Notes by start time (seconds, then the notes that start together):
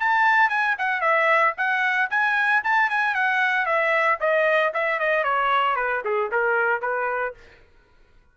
0.00 A5
0.50 G#5
0.78 F#5
1.01 E5
1.57 F#5
2.10 G#5
2.64 A5
2.90 G#5
3.15 F#5
3.66 E5
4.20 D#5
4.74 E5
5.00 D#5
5.24 C#5
5.76 B4
6.05 G#4
6.32 A#4
6.82 B4